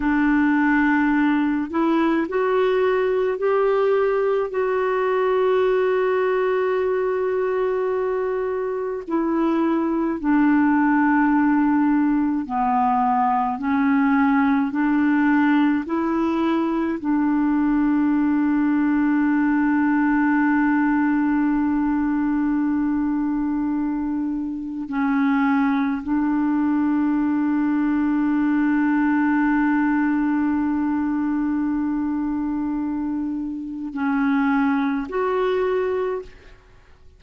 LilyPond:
\new Staff \with { instrumentName = "clarinet" } { \time 4/4 \tempo 4 = 53 d'4. e'8 fis'4 g'4 | fis'1 | e'4 d'2 b4 | cis'4 d'4 e'4 d'4~ |
d'1~ | d'2 cis'4 d'4~ | d'1~ | d'2 cis'4 fis'4 | }